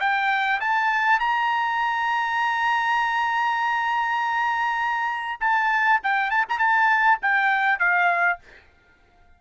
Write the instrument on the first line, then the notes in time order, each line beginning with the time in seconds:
trumpet
0.00 G5
0.60 A5
1.19 A#5
5.40 A5
6.03 G5
6.30 A5
6.49 A#5
6.58 A5
7.22 G5
7.79 F5